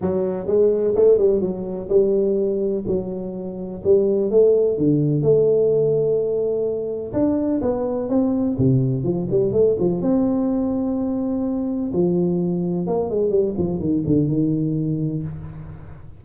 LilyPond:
\new Staff \with { instrumentName = "tuba" } { \time 4/4 \tempo 4 = 126 fis4 gis4 a8 g8 fis4 | g2 fis2 | g4 a4 d4 a4~ | a2. d'4 |
b4 c'4 c4 f8 g8 | a8 f8 c'2.~ | c'4 f2 ais8 gis8 | g8 f8 dis8 d8 dis2 | }